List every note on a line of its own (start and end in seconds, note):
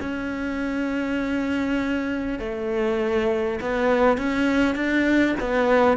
0.00 2.39 C#4
2.39 3.59 A3
3.61 4.18 B3
4.18 4.75 C#4
4.75 5.35 D4
5.40 5.97 B3